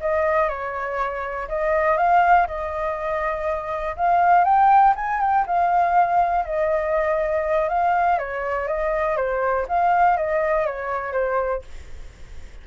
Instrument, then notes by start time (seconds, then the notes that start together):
flute
0.00 D#5
0.49 C#5
1.48 D#5
1.97 F5
2.47 D#5
3.96 F5
4.44 G5
4.95 G#5
5.20 G5
5.47 F5
6.45 D#5
7.69 F5
8.18 C#5
8.67 D#5
9.16 C5
9.68 F5
10.17 D#5
10.66 C#5
11.12 C5